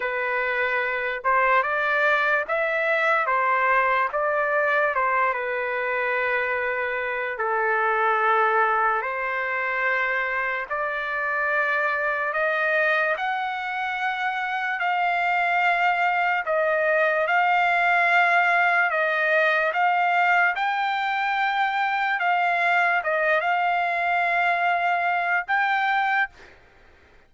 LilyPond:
\new Staff \with { instrumentName = "trumpet" } { \time 4/4 \tempo 4 = 73 b'4. c''8 d''4 e''4 | c''4 d''4 c''8 b'4.~ | b'4 a'2 c''4~ | c''4 d''2 dis''4 |
fis''2 f''2 | dis''4 f''2 dis''4 | f''4 g''2 f''4 | dis''8 f''2~ f''8 g''4 | }